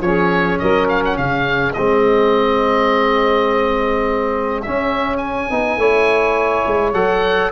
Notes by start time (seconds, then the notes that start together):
0.00 F3 C#4 G#4 C#5
0.59 F#3 A#4 D#5
0.89 F5
1.04 F#5
1.16 C#3 G#4 F5
1.73 G#3 C4 D#5
4.62 C#4 E5
5.17 G#5
5.50 B3 D#4
5.77 A3 E4 C#5
6.66 G#3
6.93 F#3 A4 F#5